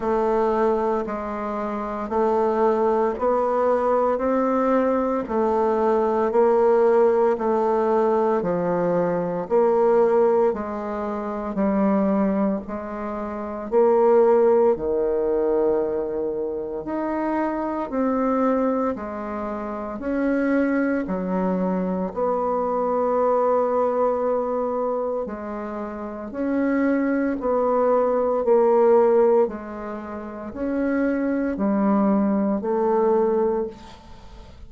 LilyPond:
\new Staff \with { instrumentName = "bassoon" } { \time 4/4 \tempo 4 = 57 a4 gis4 a4 b4 | c'4 a4 ais4 a4 | f4 ais4 gis4 g4 | gis4 ais4 dis2 |
dis'4 c'4 gis4 cis'4 | fis4 b2. | gis4 cis'4 b4 ais4 | gis4 cis'4 g4 a4 | }